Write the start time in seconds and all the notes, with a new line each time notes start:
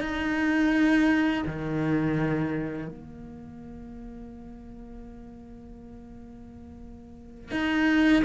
0.00 D#4
1.46 D#3
2.88 A#3
7.51 D#4